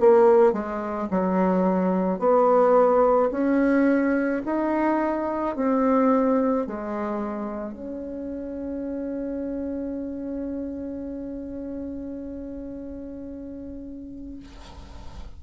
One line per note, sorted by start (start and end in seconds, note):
0.00 0.53 A#3
0.53 1.08 G#3
1.11 2.19 F#3
2.19 3.30 B3
3.31 4.42 C#4
4.45 5.56 D#4
5.56 6.67 C4
6.67 7.73 G#3
7.73 14.40 C#4